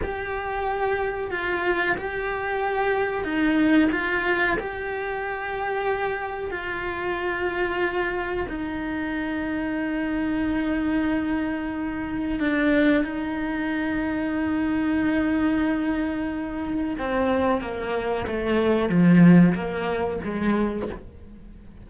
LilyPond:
\new Staff \with { instrumentName = "cello" } { \time 4/4 \tempo 4 = 92 g'2 f'4 g'4~ | g'4 dis'4 f'4 g'4~ | g'2 f'2~ | f'4 dis'2.~ |
dis'2. d'4 | dis'1~ | dis'2 c'4 ais4 | a4 f4 ais4 gis4 | }